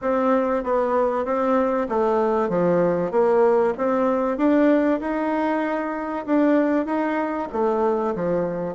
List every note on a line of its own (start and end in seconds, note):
0.01 0.63 C4
0.63 1.25 B3
1.25 1.87 C4
1.88 2.49 A3
2.49 3.11 F3
3.11 3.73 A#3
3.77 4.37 C4
4.37 5.00 D4
5.00 6.25 D#4
6.26 6.85 D4
6.85 7.48 D#4
7.52 8.14 A3
8.15 8.75 F3